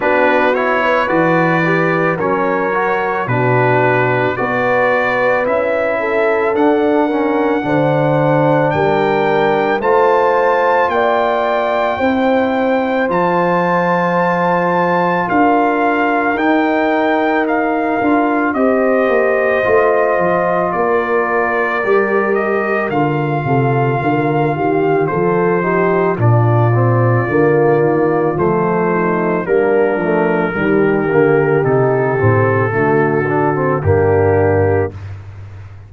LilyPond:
<<
  \new Staff \with { instrumentName = "trumpet" } { \time 4/4 \tempo 4 = 55 b'8 cis''8 d''4 cis''4 b'4 | d''4 e''4 fis''2 | g''4 a''4 g''2 | a''2 f''4 g''4 |
f''4 dis''2 d''4~ | d''8 dis''8 f''2 c''4 | d''2 c''4 ais'4~ | ais'4 a'2 g'4 | }
  \new Staff \with { instrumentName = "horn" } { \time 4/4 fis'8. b'4~ b'16 ais'4 fis'4 | b'4. a'4 ais'8 c''4 | ais'4 c''4 d''4 c''4~ | c''2 ais'2~ |
ais'4 c''2 ais'4~ | ais'4. a'8 ais'8 g'8 a'8 g'8 | f'2~ f'8 dis'8 d'4 | g'2 fis'4 d'4 | }
  \new Staff \with { instrumentName = "trombone" } { \time 4/4 d'8 e'8 fis'8 g'8 cis'8 fis'8 d'4 | fis'4 e'4 d'8 cis'8 d'4~ | d'4 f'2 e'4 | f'2. dis'4~ |
dis'8 f'8 g'4 f'2 | g'4 f'2~ f'8 dis'8 | d'8 c'8 ais4 a4 ais8 a8 | g8 ais8 dis'8 c'8 a8 d'16 c'16 ais4 | }
  \new Staff \with { instrumentName = "tuba" } { \time 4/4 b4 e4 fis4 b,4 | b4 cis'4 d'4 d4 | g4 a4 ais4 c'4 | f2 d'4 dis'4~ |
dis'8 d'8 c'8 ais8 a8 f8 ais4 | g4 d8 c8 d8 dis8 f4 | ais,4 d8 dis8 f4 g8 f8 | dis8 d8 c8 a,8 d4 g,4 | }
>>